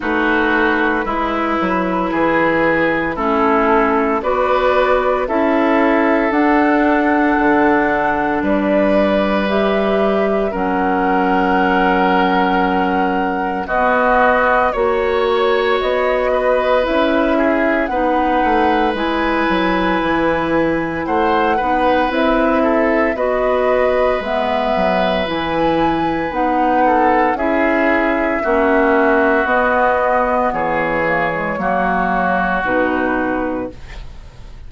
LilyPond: <<
  \new Staff \with { instrumentName = "flute" } { \time 4/4 \tempo 4 = 57 b'2. a'4 | d''4 e''4 fis''2 | d''4 e''4 fis''2~ | fis''4 dis''4 cis''4 dis''4 |
e''4 fis''4 gis''2 | fis''4 e''4 dis''4 e''4 | gis''4 fis''4 e''2 | dis''4 cis''2 b'4 | }
  \new Staff \with { instrumentName = "oboe" } { \time 4/4 fis'4 e'4 gis'4 e'4 | b'4 a'2. | b'2 ais'2~ | ais'4 fis'4 cis''4. b'8~ |
b'8 gis'8 b'2. | c''8 b'4 a'8 b'2~ | b'4. a'8 gis'4 fis'4~ | fis'4 gis'4 fis'2 | }
  \new Staff \with { instrumentName = "clarinet" } { \time 4/4 dis'4 e'2 cis'4 | fis'4 e'4 d'2~ | d'4 g'4 cis'2~ | cis'4 b4 fis'2 |
e'4 dis'4 e'2~ | e'8 dis'8 e'4 fis'4 b4 | e'4 dis'4 e'4 cis'4 | b4. ais16 gis16 ais4 dis'4 | }
  \new Staff \with { instrumentName = "bassoon" } { \time 4/4 a4 gis8 fis8 e4 a4 | b4 cis'4 d'4 d4 | g2 fis2~ | fis4 b4 ais4 b4 |
cis'4 b8 a8 gis8 fis8 e4 | a8 b8 c'4 b4 gis8 fis8 | e4 b4 cis'4 ais4 | b4 e4 fis4 b,4 | }
>>